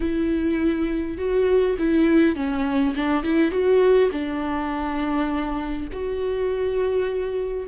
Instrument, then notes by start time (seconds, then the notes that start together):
viola
0.00 E4
1.17 F#4
1.78 E4
2.35 C#4
2.95 D4
3.23 E4
3.51 F#4
4.11 D4
5.92 F#4